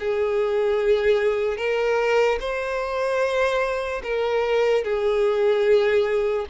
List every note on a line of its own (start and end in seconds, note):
0.00 1.58 G#4
1.58 2.39 A#4
2.40 4.02 C5
4.04 4.84 A#4
4.84 6.46 G#4